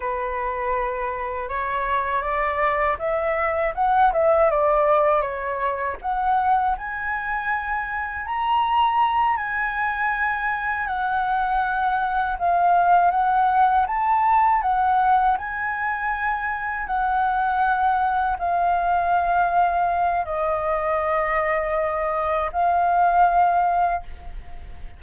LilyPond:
\new Staff \with { instrumentName = "flute" } { \time 4/4 \tempo 4 = 80 b'2 cis''4 d''4 | e''4 fis''8 e''8 d''4 cis''4 | fis''4 gis''2 ais''4~ | ais''8 gis''2 fis''4.~ |
fis''8 f''4 fis''4 a''4 fis''8~ | fis''8 gis''2 fis''4.~ | fis''8 f''2~ f''8 dis''4~ | dis''2 f''2 | }